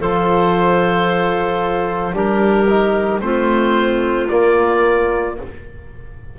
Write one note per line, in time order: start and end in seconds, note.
0.00 2.13 F3
0.00 2.13 F4
0.00 2.14 A4
0.00 2.16 C5
2.13 3.21 G3
2.13 2.67 D4
2.13 3.22 G4
2.13 3.21 A#4
2.69 3.21 D#4
3.21 4.29 A3
3.21 4.29 C4
3.21 5.38 F4
3.21 4.28 C5
4.29 5.36 A#3
4.29 5.39 A#3
4.29 5.36 D5